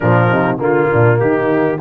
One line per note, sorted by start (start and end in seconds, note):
0.00 0.31 A#2
0.00 0.58 F3
0.00 0.28 D4
0.00 0.57 A#4
0.28 0.58 C3
0.28 0.58 D#4
0.58 0.88 D3
0.58 1.78 A#3
0.58 0.89 F4
0.58 1.19 F4
0.91 1.21 A#2
0.91 1.19 D4
1.19 1.80 D#3
1.19 1.79 D#4
1.19 1.79 G4